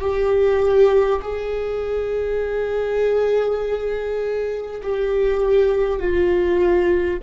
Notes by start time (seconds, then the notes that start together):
0.00 G4
1.21 G#4
4.83 G4
5.99 F4